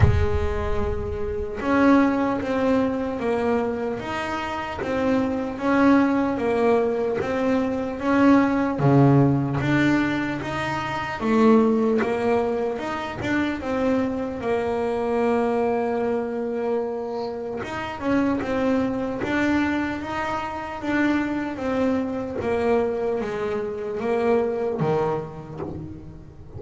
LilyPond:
\new Staff \with { instrumentName = "double bass" } { \time 4/4 \tempo 4 = 75 gis2 cis'4 c'4 | ais4 dis'4 c'4 cis'4 | ais4 c'4 cis'4 cis4 | d'4 dis'4 a4 ais4 |
dis'8 d'8 c'4 ais2~ | ais2 dis'8 cis'8 c'4 | d'4 dis'4 d'4 c'4 | ais4 gis4 ais4 dis4 | }